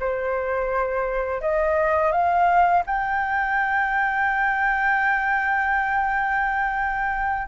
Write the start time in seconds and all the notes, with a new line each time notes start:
0.00 C5
1.42 D#5
2.12 F5
2.87 G5